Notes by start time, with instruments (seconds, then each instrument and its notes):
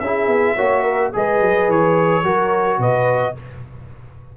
0.00 tuba C#4, trombone E4, horn G#4, trumpet E5
0.28 tuba B3
0.56 tuba A#3, trombone F#4, horn C#5
0.83 horn A#4
1.13 tuba G#3, trombone G#4, horn B4, trumpet D#5
1.41 tuba F#3
1.68 tuba E3, trumpet C#5
2.24 tuba F#3, trombone F#4, horn A#4
2.79 tuba B2, horn B4, trumpet D#5